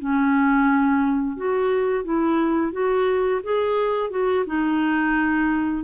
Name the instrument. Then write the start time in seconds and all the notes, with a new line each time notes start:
clarinet
0.00 C#4
1.37 F#4
2.04 E4
2.72 F#4
3.44 G#4
4.11 F#4
4.47 D#4